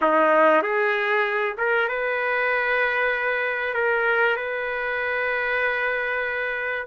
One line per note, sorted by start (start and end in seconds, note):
0.01 0.62 D#4
0.62 1.56 G#4
1.57 1.88 A#4
1.88 3.74 B4
3.74 4.36 A#4
4.36 6.86 B4